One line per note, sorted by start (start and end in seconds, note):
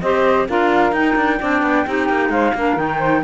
0.00 0.47 C4
0.00 0.48 G4
0.00 0.48 C5
0.00 0.46 D#5
0.48 0.91 D4
0.48 0.92 F4
0.48 1.39 A#4
0.48 0.94 F5
0.91 1.15 D#4
0.91 1.38 D#4
0.91 2.31 G5
1.15 1.38 D4
1.39 1.62 C4
1.39 1.86 D4
1.39 1.85 D5
1.62 1.85 B3
1.85 2.08 C4
1.85 2.55 D#4
1.85 2.31 G4
2.08 2.29 A#3
2.29 2.52 G#3
2.29 2.54 C5
2.29 2.77 F5
2.54 2.76 A#3
2.54 2.77 D4
2.54 2.98 A#4
2.76 3.22 D#3
2.76 3.23 D#4
2.76 3.23 G5
2.98 3.21 C5